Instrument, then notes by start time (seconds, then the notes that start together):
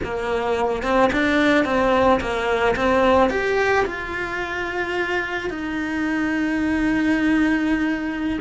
cello
0.04 A#3
0.83 C4
1.12 D4
1.65 C4
2.20 A#3
2.75 C4
3.30 G4
3.85 F4
5.50 D#4